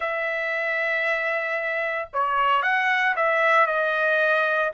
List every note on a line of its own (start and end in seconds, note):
0.00 2.08 E5
2.13 2.62 C#5
2.62 3.15 F#5
3.16 3.66 E5
3.66 4.71 D#5